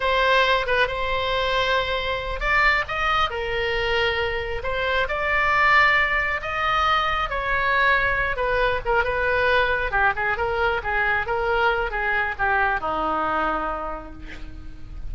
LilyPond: \new Staff \with { instrumentName = "oboe" } { \time 4/4 \tempo 4 = 136 c''4. b'8 c''2~ | c''4. d''4 dis''4 ais'8~ | ais'2~ ais'8 c''4 d''8~ | d''2~ d''8 dis''4.~ |
dis''8 cis''2~ cis''8 b'4 | ais'8 b'2 g'8 gis'8 ais'8~ | ais'8 gis'4 ais'4. gis'4 | g'4 dis'2. | }